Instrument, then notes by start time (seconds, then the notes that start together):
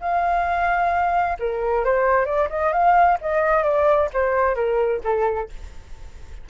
flute
0.00 F5
1.39 A#4
1.85 C5
2.25 D5
2.49 D#5
2.73 F5
3.21 D#5
3.63 D5
4.13 C5
4.55 A#4
5.04 A4